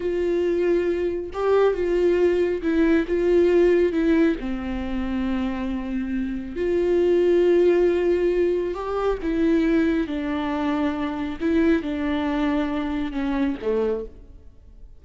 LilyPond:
\new Staff \with { instrumentName = "viola" } { \time 4/4 \tempo 4 = 137 f'2. g'4 | f'2 e'4 f'4~ | f'4 e'4 c'2~ | c'2. f'4~ |
f'1 | g'4 e'2 d'4~ | d'2 e'4 d'4~ | d'2 cis'4 a4 | }